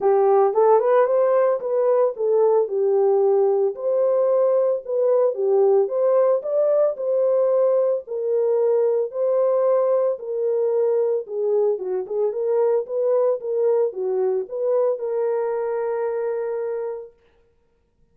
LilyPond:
\new Staff \with { instrumentName = "horn" } { \time 4/4 \tempo 4 = 112 g'4 a'8 b'8 c''4 b'4 | a'4 g'2 c''4~ | c''4 b'4 g'4 c''4 | d''4 c''2 ais'4~ |
ais'4 c''2 ais'4~ | ais'4 gis'4 fis'8 gis'8 ais'4 | b'4 ais'4 fis'4 b'4 | ais'1 | }